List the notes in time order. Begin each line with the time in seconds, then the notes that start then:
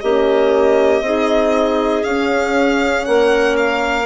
0.00 A#3 C#4 G4 D#5
1.01 C4 D#4 G#4
2.03 C#4 F5
3.05 A#3 A#4 F#5
3.57 F5